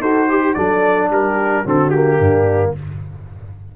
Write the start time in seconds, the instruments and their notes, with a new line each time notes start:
0.00 tuba D#4, trombone F#4, horn A4, trumpet C5
0.29 horn G4, trombone G4
0.53 tuba F#3, trombone D4, horn A4, trumpet D5
1.09 tuba G3, horn G4, trumpet A#4
1.64 tuba D3, trombone C4, horn F#4, trumpet A4
1.90 trombone A#3, trumpet G4
2.19 tuba G2, horn D4